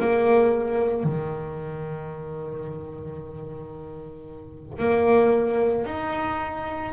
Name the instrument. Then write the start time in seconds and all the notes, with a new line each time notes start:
double bass
0.00 A#3
1.04 D#3
4.79 A#3
5.86 D#4